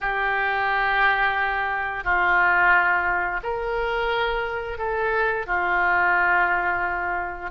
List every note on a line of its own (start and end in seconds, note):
0.00 2.04 G4
2.04 3.40 F4
3.43 4.78 A#4
4.78 5.46 A4
5.46 7.50 F4